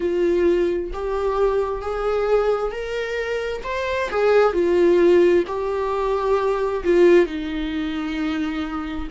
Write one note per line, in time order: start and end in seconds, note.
0.00 0.91 F4
0.93 1.81 G4
1.81 2.71 G#4
2.71 3.62 A#4
3.63 4.09 C5
4.10 4.53 G#4
4.53 5.44 F4
5.47 6.83 G4
6.84 7.26 F4
7.26 9.07 D#4